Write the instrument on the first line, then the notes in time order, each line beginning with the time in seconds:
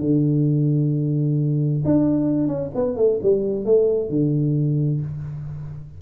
tuba
0.00 D3
1.85 D4
2.48 C#4
2.75 B3
2.97 A3
3.22 G3
3.65 A3
4.09 D3